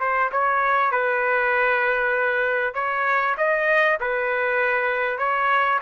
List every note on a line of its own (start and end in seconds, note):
0.00 0.31 C5
0.32 0.91 C#5
0.91 2.74 B4
2.74 3.35 C#5
3.38 3.99 D#5
4.00 5.18 B4
5.18 5.79 C#5